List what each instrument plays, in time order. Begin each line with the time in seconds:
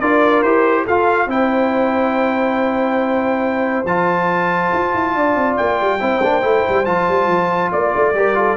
0.00 tuba D4, trombone F4, horn A#4, trumpet D5
0.42 tuba E4, trombone G4, trumpet C5
0.84 tuba F4, trombone F4, horn A4, trumpet F5
1.27 tuba C4, trombone E4, horn C5, trumpet G5
3.85 tuba F3, trombone F4, trumpet A5
4.73 tuba F4
4.94 tuba E4
5.15 tuba D4, horn D5
5.36 tuba C4
5.57 tuba A#3, trumpet G5
5.81 tuba G3
6.00 tuba C4, trombone E4, horn C5
6.21 tuba A#3, trombone D4
6.42 tuba A3, trombone E4
6.69 tuba G3
6.85 tuba F3, trombone F4, trumpet A5
7.09 tuba G3
7.27 tuba F3
7.72 tuba A#3, horn D5, trumpet D5
7.95 tuba A3
8.14 tuba G3, trombone G4, horn A#4
8.35 trombone F4, horn A4